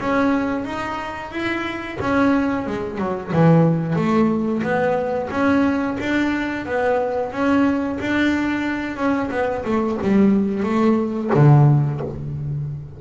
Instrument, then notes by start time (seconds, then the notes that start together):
double bass
0.00 C#4
0.65 D#4
1.31 E4
2.01 C#4
2.67 G#3
2.98 F#3
3.33 E3
3.96 A3
4.63 B3
5.31 C#4
6.00 D4
6.66 B3
7.32 C#4
8.00 D4
8.97 C#4
9.31 B3
9.65 A3
10.02 G3
10.64 A3
11.34 D3